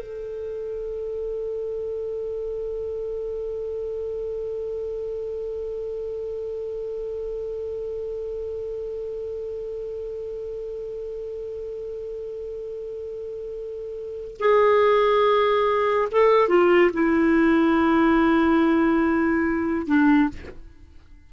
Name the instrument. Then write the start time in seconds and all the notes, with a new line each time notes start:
clarinet
0.00 A4
14.40 G#4
16.11 A4
16.48 F4
16.93 E4
19.87 D4